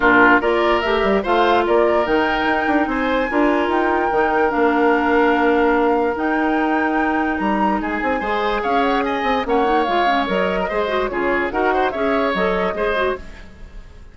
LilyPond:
<<
  \new Staff \with { instrumentName = "flute" } { \time 4/4 \tempo 4 = 146 ais'4 d''4 e''4 f''4 | d''4 g''2 gis''4~ | gis''4 g''2 f''4~ | f''2. g''4~ |
g''2 ais''4 gis''4~ | gis''4 f''8 fis''8 gis''4 fis''4 | f''4 dis''2 cis''4 | fis''4 e''4 dis''2 | }
  \new Staff \with { instrumentName = "oboe" } { \time 4/4 f'4 ais'2 c''4 | ais'2. c''4 | ais'1~ | ais'1~ |
ais'2. gis'4 | c''4 cis''4 dis''4 cis''4~ | cis''4.~ cis''16 ais'16 c''4 gis'4 | ais'8 c''8 cis''2 c''4 | }
  \new Staff \with { instrumentName = "clarinet" } { \time 4/4 d'4 f'4 g'4 f'4~ | f'4 dis'2. | f'2 dis'4 d'4~ | d'2. dis'4~ |
dis'1 | gis'2. cis'8 dis'8 | f'8 cis'8 ais'4 gis'8 fis'8 f'4 | fis'4 gis'4 a'4 gis'8 fis'8 | }
  \new Staff \with { instrumentName = "bassoon" } { \time 4/4 ais,4 ais4 a8 g8 a4 | ais4 dis4 dis'8 d'8 c'4 | d'4 dis'4 dis4 ais4~ | ais2. dis'4~ |
dis'2 g4 gis8 c'8 | gis4 cis'4. c'8 ais4 | gis4 fis4 gis4 cis4 | dis'4 cis'4 fis4 gis4 | }
>>